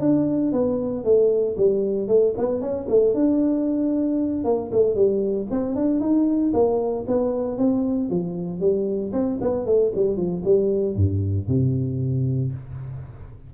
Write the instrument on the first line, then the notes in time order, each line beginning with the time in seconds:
tuba
0.00 D4
0.52 B3
1.04 A3
1.57 G3
2.08 A3
2.37 B3
2.61 C#4
2.89 A3
3.14 D4
4.44 A#3
4.72 A3
4.95 G3
5.50 C4
5.75 D4
6.00 D#4
6.53 A#3
7.07 B3
7.58 C4
8.10 F3
8.60 G3
9.12 C4
9.41 B3
9.66 A3
9.95 G3
10.16 F3
10.45 G3
10.96 G2
11.48 C3